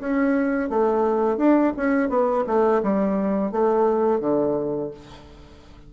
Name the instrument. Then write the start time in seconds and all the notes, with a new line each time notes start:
bassoon
0.00 C#4
0.70 A3
1.37 D4
1.77 C#4
2.09 B3
2.46 A3
2.83 G3
3.51 A3
4.20 D3